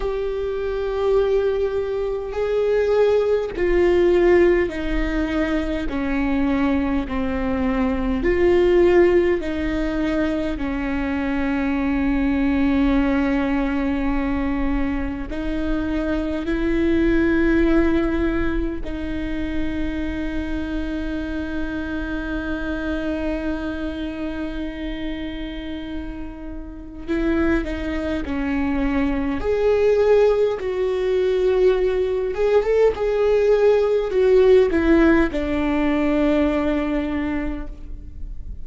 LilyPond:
\new Staff \with { instrumentName = "viola" } { \time 4/4 \tempo 4 = 51 g'2 gis'4 f'4 | dis'4 cis'4 c'4 f'4 | dis'4 cis'2.~ | cis'4 dis'4 e'2 |
dis'1~ | dis'2. e'8 dis'8 | cis'4 gis'4 fis'4. gis'16 a'16 | gis'4 fis'8 e'8 d'2 | }